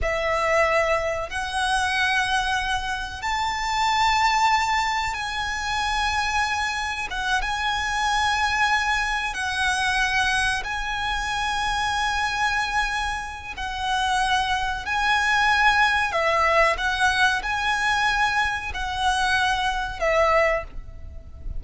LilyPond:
\new Staff \with { instrumentName = "violin" } { \time 4/4 \tempo 4 = 93 e''2 fis''2~ | fis''4 a''2. | gis''2. fis''8 gis''8~ | gis''2~ gis''8 fis''4.~ |
fis''8 gis''2.~ gis''8~ | gis''4 fis''2 gis''4~ | gis''4 e''4 fis''4 gis''4~ | gis''4 fis''2 e''4 | }